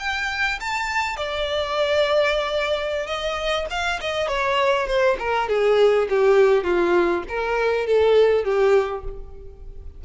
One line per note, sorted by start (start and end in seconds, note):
0.00 0.59 G5
0.61 1.17 A5
1.17 3.07 D5
3.07 3.67 D#5
3.70 4.00 F5
4.01 4.28 D#5
4.28 4.87 C#5
4.87 5.17 C5
5.20 5.49 A#4
5.49 6.09 G#4
6.10 6.64 G4
6.64 7.24 F4
7.29 7.87 A#4
7.87 8.45 A4
8.45 9.05 G4